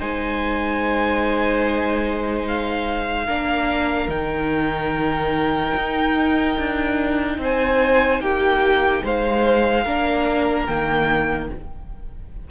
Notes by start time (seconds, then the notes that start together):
0.00 G#3 D#4 C5 G#5
2.48 F5
3.25 A#3 D4 A#4
4.08 D#3 D#4 G5
5.75 D#4
6.58 D4
7.38 C4 C5 G#5
8.20 A#3 G4 G5
9.04 G#3 C5 F5
9.84 A#3 D4 A#4
10.66 D#3 A#3 G5